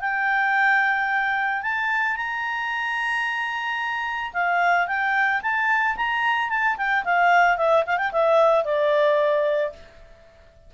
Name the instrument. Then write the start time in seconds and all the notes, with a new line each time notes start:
clarinet
0.00 G5
1.62 A5
2.16 A#5
4.33 F5
4.87 G5
5.42 A5
5.96 A#5
6.49 A5
6.77 G5
7.04 F5
7.57 E5
7.86 F5
7.97 G5
8.12 E5
8.64 D5